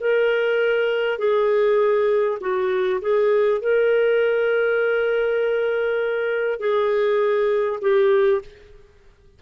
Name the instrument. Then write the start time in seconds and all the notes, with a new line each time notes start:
clarinet
0.00 A#4
1.18 G#4
2.41 F#4
3.01 G#4
3.62 A#4
6.59 G#4
7.82 G4